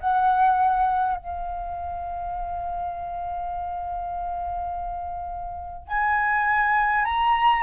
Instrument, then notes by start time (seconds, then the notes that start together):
flute
0.00 F#5
1.17 F5
5.88 G#5
7.05 A#5